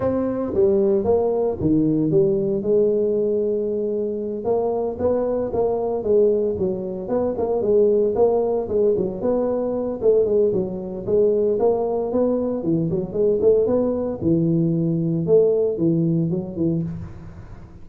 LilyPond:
\new Staff \with { instrumentName = "tuba" } { \time 4/4 \tempo 4 = 114 c'4 g4 ais4 dis4 | g4 gis2.~ | gis8 ais4 b4 ais4 gis8~ | gis8 fis4 b8 ais8 gis4 ais8~ |
ais8 gis8 fis8 b4. a8 gis8 | fis4 gis4 ais4 b4 | e8 fis8 gis8 a8 b4 e4~ | e4 a4 e4 fis8 e8 | }